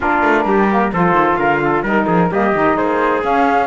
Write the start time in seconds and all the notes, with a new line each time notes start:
0.00 A#3 D4 F4 A#4
0.22 A3
0.45 G3 G4
0.70 A#3
0.92 F3 F4 A4 C5
1.11 D#3
1.35 D3 A#4 F5
1.64 A4
1.82 G3 D#4 A#4
1.89 A#4
2.07 F3 G#4
2.30 G3 A#3 G4 D#5
2.55 D#3 D#4
2.76 A#3 G#4 C5
3.21 C#4 F5